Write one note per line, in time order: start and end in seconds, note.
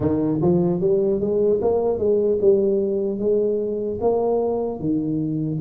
0.00 0.40 D#3
0.41 0.80 F3
0.80 1.20 G3
1.20 1.60 G#3
1.61 1.98 A#3
1.98 2.38 G#3
2.41 3.19 G3
3.19 3.99 G#3
4.00 4.79 A#3
4.79 5.59 D#3